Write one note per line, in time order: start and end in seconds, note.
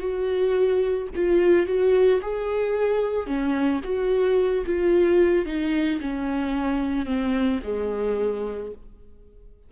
0.00 1.08 F#4
1.16 1.67 F4
1.67 2.21 F#4
2.22 3.27 G#4
3.27 3.81 C#4
3.84 4.65 F#4
4.66 5.46 F4
5.46 6.00 D#4
6.01 7.06 C#4
7.06 7.60 C4
7.64 8.72 G#3